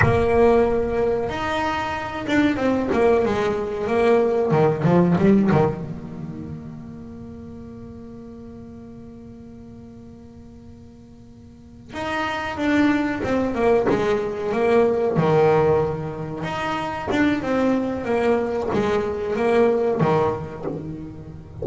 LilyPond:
\new Staff \with { instrumentName = "double bass" } { \time 4/4 \tempo 4 = 93 ais2 dis'4. d'8 | c'8 ais8 gis4 ais4 dis8 f8 | g8 dis8 ais2.~ | ais1~ |
ais2~ ais8 dis'4 d'8~ | d'8 c'8 ais8 gis4 ais4 dis8~ | dis4. dis'4 d'8 c'4 | ais4 gis4 ais4 dis4 | }